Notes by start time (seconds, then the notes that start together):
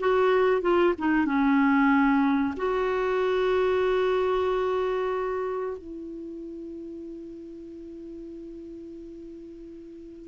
0.00 F#4
0.62 F4
0.99 D#4
1.26 C#4
2.57 F#4
5.78 E4